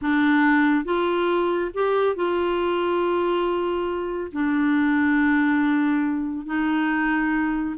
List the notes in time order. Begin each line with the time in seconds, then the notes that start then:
0.01 D4
0.84 F4
1.73 G4
2.15 F4
4.32 D4
6.46 D#4